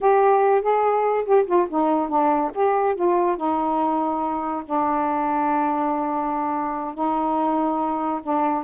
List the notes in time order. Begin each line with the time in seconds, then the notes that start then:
0.00 G4
0.61 G#4
1.25 G4
1.46 F4
1.69 D#4
2.08 D4
2.54 G4
2.95 F4
3.36 D#4
4.65 D4
6.94 D#4
8.22 D4